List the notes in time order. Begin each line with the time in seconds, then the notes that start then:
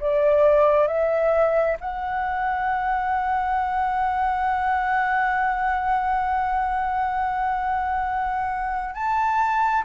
0.00 D5
0.87 E5
1.80 F#5
8.94 A5